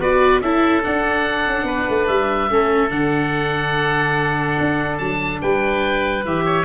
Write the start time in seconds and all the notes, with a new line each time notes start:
0.00 B3 F#4 B4 D5
0.41 C#4 E4 A4 E5
0.83 D4 F#5
1.47 C#4
1.64 B3 B4
1.89 A3
2.07 G3 E5
2.50 A3 C#4 A4
2.89 D3 D4 F#5
4.60 D4
4.98 F#3 A5
5.42 G3 B4 G5
6.25 E3 G4 E5
6.45 C#5